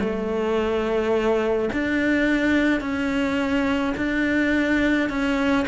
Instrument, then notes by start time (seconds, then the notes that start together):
cello
0.00 A3
1.73 D4
2.81 C#4
3.97 D4
5.09 C#4